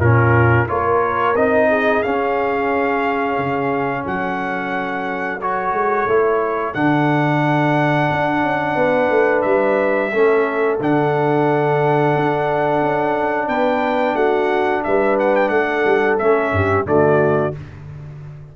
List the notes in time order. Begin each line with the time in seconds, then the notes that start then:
0.00 A#2 C#4 F4 A#4
0.68 A#3 F4 A#4 C#5
1.35 C4 D#4 D#5
1.70 G#4
2.03 C#4 F5
3.38 C#3
4.05 F#3 A4 F#5
5.41 F#4 C#5
5.72 G#3
6.06 A3 E4
6.74 D3 D4 F#5
8.11 D4
8.43 C#4
8.76 B3 B4
9.10 A3
9.42 G3 E5
10.12 A3 C#4 A4
10.80 D3 D4 F#5
12.16 D4
12.82 C#4
13.48 B3 B4 G5
14.14 A3 F#4 F#5
14.84 G3 B4 E5
15.19 F#5
15.36 G5
15.49 A3 A4 F#5
15.85 G3
16.19 A3 C#4 E5
16.52 G2 G4
16.85 D3 A3 F#4 D5